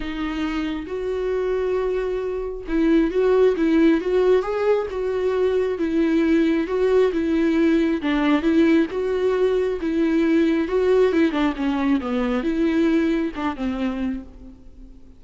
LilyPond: \new Staff \with { instrumentName = "viola" } { \time 4/4 \tempo 4 = 135 dis'2 fis'2~ | fis'2 e'4 fis'4 | e'4 fis'4 gis'4 fis'4~ | fis'4 e'2 fis'4 |
e'2 d'4 e'4 | fis'2 e'2 | fis'4 e'8 d'8 cis'4 b4 | e'2 d'8 c'4. | }